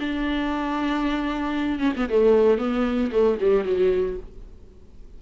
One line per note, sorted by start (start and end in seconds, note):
0.00 1.79 D4
1.79 1.93 C#4
1.96 2.10 B3
2.10 2.58 A3
2.58 3.11 B3
3.12 3.38 A3
3.41 3.65 G3
3.65 4.17 F#3